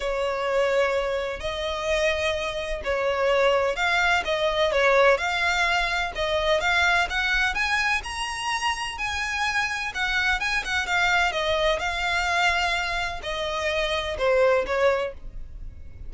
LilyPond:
\new Staff \with { instrumentName = "violin" } { \time 4/4 \tempo 4 = 127 cis''2. dis''4~ | dis''2 cis''2 | f''4 dis''4 cis''4 f''4~ | f''4 dis''4 f''4 fis''4 |
gis''4 ais''2 gis''4~ | gis''4 fis''4 gis''8 fis''8 f''4 | dis''4 f''2. | dis''2 c''4 cis''4 | }